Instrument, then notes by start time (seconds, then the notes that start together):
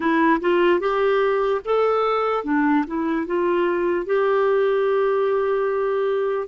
clarinet
0.00 E4
0.40 F4
0.80 G4
1.64 A4
2.44 D4
2.86 E4
3.26 F4
4.06 G4